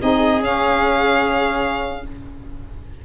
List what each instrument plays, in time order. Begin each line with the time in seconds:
0.00 tuba C4, saxophone D#4, viola G#4, violin D#5
0.41 tuba C#4, saxophone C#4, violin F5